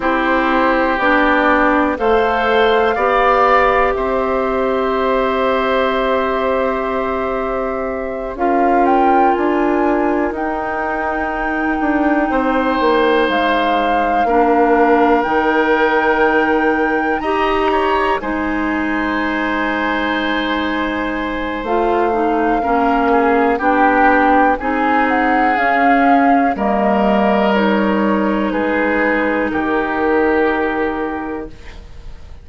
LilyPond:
<<
  \new Staff \with { instrumentName = "flute" } { \time 4/4 \tempo 4 = 61 c''4 d''4 f''2 | e''1~ | e''8 f''8 g''8 gis''4 g''4.~ | g''4. f''2 g''8~ |
g''4. ais''4 gis''4.~ | gis''2 f''2 | g''4 gis''8 fis''8 f''4 dis''4 | cis''4 b'4 ais'2 | }
  \new Staff \with { instrumentName = "oboe" } { \time 4/4 g'2 c''4 d''4 | c''1~ | c''8 ais'2.~ ais'8~ | ais'8 c''2 ais'4.~ |
ais'4. dis''8 cis''8 c''4.~ | c''2. ais'8 gis'8 | g'4 gis'2 ais'4~ | ais'4 gis'4 g'2 | }
  \new Staff \with { instrumentName = "clarinet" } { \time 4/4 e'4 d'4 a'4 g'4~ | g'1~ | g'8 f'2 dis'4.~ | dis'2~ dis'8 d'4 dis'8~ |
dis'4. g'4 dis'4.~ | dis'2 f'8 dis'8 cis'4 | d'4 dis'4 cis'4 ais4 | dis'1 | }
  \new Staff \with { instrumentName = "bassoon" } { \time 4/4 c'4 b4 a4 b4 | c'1~ | c'8 cis'4 d'4 dis'4. | d'8 c'8 ais8 gis4 ais4 dis8~ |
dis4. dis'4 gis4.~ | gis2 a4 ais4 | b4 c'4 cis'4 g4~ | g4 gis4 dis2 | }
>>